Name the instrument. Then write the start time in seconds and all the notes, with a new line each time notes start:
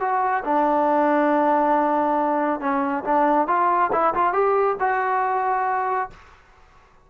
trombone
0.00 F#4
0.44 D4
2.60 C#4
3.04 D4
3.47 F4
3.92 E4
4.14 F4
4.33 G4
4.80 F#4